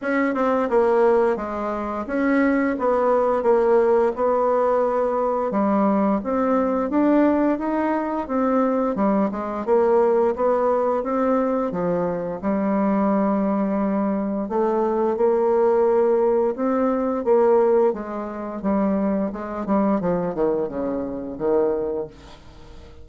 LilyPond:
\new Staff \with { instrumentName = "bassoon" } { \time 4/4 \tempo 4 = 87 cis'8 c'8 ais4 gis4 cis'4 | b4 ais4 b2 | g4 c'4 d'4 dis'4 | c'4 g8 gis8 ais4 b4 |
c'4 f4 g2~ | g4 a4 ais2 | c'4 ais4 gis4 g4 | gis8 g8 f8 dis8 cis4 dis4 | }